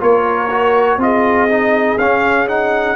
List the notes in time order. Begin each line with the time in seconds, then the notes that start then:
0.00 A#3 F4 A#4 C#5
0.51 F#4
0.98 C4 F4 D#5
1.04 G#4
1.49 D#4
1.98 C#4 F5
2.49 D#4 F#5